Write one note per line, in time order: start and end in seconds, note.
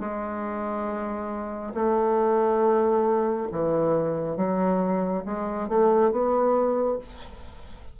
0.00 1.74 G#3
1.75 3.49 A3
3.52 4.37 E3
4.37 5.24 F#3
5.26 5.69 G#3
5.69 6.11 A3
6.11 6.98 B3